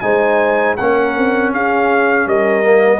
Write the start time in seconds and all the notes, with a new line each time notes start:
0.00 G#3 D#4 C5 G#5
0.77 A#3 C#4 A#4 F#5
1.18 C4
1.52 C#4 G#4 F5
2.26 G3 A#4 D#5
2.64 A#3